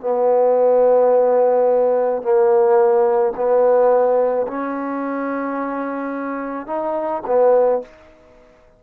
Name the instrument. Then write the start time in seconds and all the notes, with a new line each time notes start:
trombone
0.00 B3
2.22 A#3
3.35 B3
4.47 C#4
6.66 D#4
7.26 B3